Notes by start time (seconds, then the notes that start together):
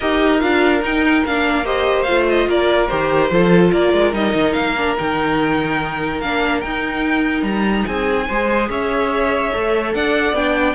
0.00 D#4 G4 A#4 D#5
0.39 D4 F4 F5
0.82 D#4 G5
1.25 A#3 D4 F5
1.64 G4 C5 D#5
2.02 A3 F4 F5
2.29 D#5
2.46 A#3 A#4 D5
2.88 D#3 G4 C5
3.30 F3 F4 A4
3.72 A#3 A#4 D5
3.92 G#3
4.13 G3 D#4 D#5
4.34 D#3
4.52 A#3 F5
4.76 D4
4.97 D#3 D#4 G5
6.20 A#3 D4 F5
6.60 D#4 G5
7.42 G3 A#5
7.85 C4 G#4 G#5
8.27 G#3 G#4 C5
8.69 C#4 C#5 E5
9.52 A3 A4
9.94 D4 D5 F#5
10.32 B3 D4 G5